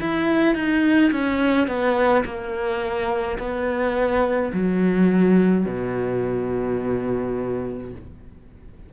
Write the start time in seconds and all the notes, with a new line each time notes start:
0.00 E4
0.55 D#4
1.12 C#4
1.67 B3
2.25 A#3
3.39 B3
4.53 F#3
5.66 B2